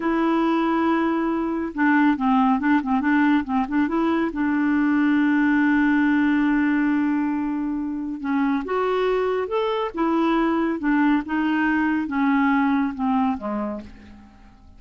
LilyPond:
\new Staff \with { instrumentName = "clarinet" } { \time 4/4 \tempo 4 = 139 e'1 | d'4 c'4 d'8 c'8 d'4 | c'8 d'8 e'4 d'2~ | d'1~ |
d'2. cis'4 | fis'2 a'4 e'4~ | e'4 d'4 dis'2 | cis'2 c'4 gis4 | }